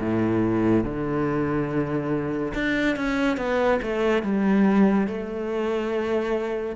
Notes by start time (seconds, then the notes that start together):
0.00 A2
0.85 D3
2.55 D4
2.97 C#4
3.38 B3
3.83 A3
4.23 G3
5.08 A3